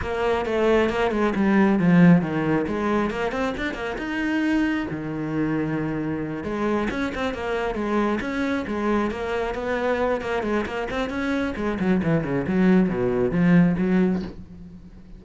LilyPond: \new Staff \with { instrumentName = "cello" } { \time 4/4 \tempo 4 = 135 ais4 a4 ais8 gis8 g4 | f4 dis4 gis4 ais8 c'8 | d'8 ais8 dis'2 dis4~ | dis2~ dis8 gis4 cis'8 |
c'8 ais4 gis4 cis'4 gis8~ | gis8 ais4 b4. ais8 gis8 | ais8 c'8 cis'4 gis8 fis8 e8 cis8 | fis4 b,4 f4 fis4 | }